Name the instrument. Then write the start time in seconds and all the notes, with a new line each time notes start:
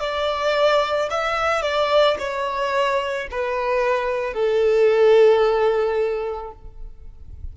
violin
0.00 D5
1.10 E5
1.62 D5
2.19 C#5
3.31 B4
4.33 A4